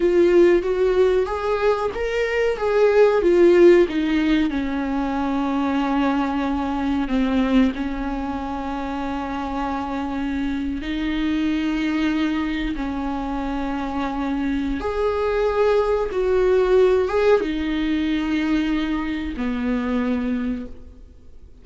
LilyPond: \new Staff \with { instrumentName = "viola" } { \time 4/4 \tempo 4 = 93 f'4 fis'4 gis'4 ais'4 | gis'4 f'4 dis'4 cis'4~ | cis'2. c'4 | cis'1~ |
cis'8. dis'2. cis'16~ | cis'2. gis'4~ | gis'4 fis'4. gis'8 dis'4~ | dis'2 b2 | }